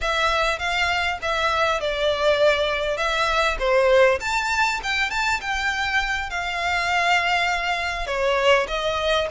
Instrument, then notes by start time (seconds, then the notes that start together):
violin
0.01 E5
0.58 F5
1.22 E5
1.80 D5
2.97 E5
3.59 C5
4.20 A5
4.83 G5
5.10 A5
5.40 G5
6.29 F5
8.06 C#5
8.67 D#5